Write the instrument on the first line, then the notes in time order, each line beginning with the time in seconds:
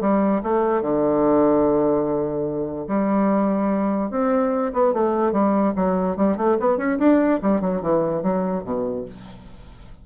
bassoon
0.00 G3
0.42 A3
0.82 D3
2.87 G3
4.10 C4
4.73 B3
4.93 A3
5.32 G3
5.75 F#3
6.16 G3
6.37 A3
6.59 B3
6.77 C#4
6.98 D4
7.42 G3
7.61 F#3
7.81 E3
8.22 F#3
8.63 B2